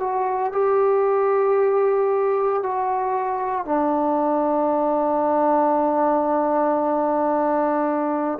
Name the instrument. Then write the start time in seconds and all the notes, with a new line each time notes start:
trombone
0.00 F#4
0.53 G4
2.63 F#4
3.65 D4